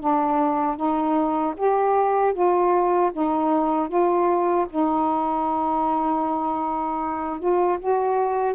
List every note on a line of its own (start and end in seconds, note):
0.00 0.77 D4
0.77 1.55 D#4
1.57 2.34 G4
2.34 3.12 F4
3.13 3.89 D#4
3.89 4.67 F4
4.70 7.40 D#4
7.40 7.79 F4
7.80 8.55 F#4